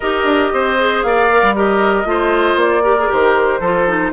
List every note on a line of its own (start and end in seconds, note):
0.00 0.24 D#4
0.00 0.77 G4
0.00 0.52 A#4
0.00 1.02 D#5
0.24 0.49 D4
0.53 1.03 C4
0.53 1.05 C5
0.77 1.29 G#4
1.02 1.41 A#3
1.02 1.55 D5
1.02 1.54 F5
1.31 1.56 A#4
1.41 2.04 G3
1.55 2.04 G4
1.55 2.07 A#4
1.55 2.59 D#5
2.04 2.55 A3
2.04 2.82 F4
2.04 2.83 C5
2.55 3.07 A#3
2.55 3.11 D5
2.83 2.96 G4
2.83 3.59 A#4
2.98 3.08 G#4
3.08 3.59 D#3
3.08 3.60 G4
3.08 4.12 C5
3.59 4.11 F3
3.59 3.87 F4
3.59 4.11 A4
3.87 4.12 D#4